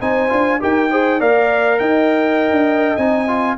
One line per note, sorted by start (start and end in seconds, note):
0.00 0.31 C4
0.00 0.29 D#4
0.00 0.59 C5
0.00 0.60 G#5
0.29 0.61 D4
0.29 0.59 F4
0.60 1.21 D#4
0.60 0.89 G4
0.60 0.91 A#4
0.60 1.21 G5
0.91 1.20 G#4
0.91 1.19 C5
1.19 1.80 A#3
1.19 2.98 A#4
1.19 1.79 D5
1.19 1.79 F5
1.79 2.51 D#4
1.79 3.58 D#5
1.79 2.96 G5
2.51 2.96 D4
2.96 3.57 C4
2.96 3.28 D#4
2.96 3.56 G#5
3.28 3.57 F4